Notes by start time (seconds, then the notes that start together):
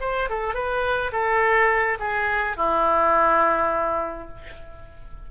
0.00 C5
0.29 A4
0.54 B4
1.12 A4
1.99 G#4
2.56 E4